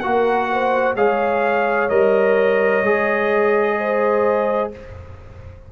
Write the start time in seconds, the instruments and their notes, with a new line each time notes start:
0.00 tuba A#3, trombone F#4, horn A#4, trumpet F#5
0.52 horn C5
0.95 tuba G#3, trombone G#4, horn C#5, trumpet F5
1.89 tuba G3, trombone A#4, trumpet D#5
2.83 tuba G#3, trombone G#4
3.78 horn C5